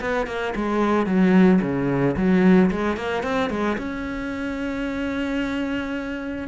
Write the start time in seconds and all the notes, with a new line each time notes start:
0.00 B3
0.26 A#3
0.55 G#3
1.06 F#3
1.61 C#3
2.16 F#3
2.71 G#3
2.96 A#3
3.23 C4
3.49 G#3
3.78 C#4